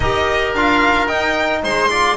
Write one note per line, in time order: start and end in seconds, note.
0.00 0.54 D#4
0.00 0.56 G4
0.00 1.60 A#4
0.00 0.53 D#5
0.54 1.08 D4
0.54 1.07 F4
0.54 1.07 F5
1.07 1.89 D#4
1.07 1.63 D#4
1.07 1.61 G5
1.62 2.16 G#3
1.62 1.90 C5
1.62 2.16 C6
1.89 2.16 F4
1.89 2.16 D5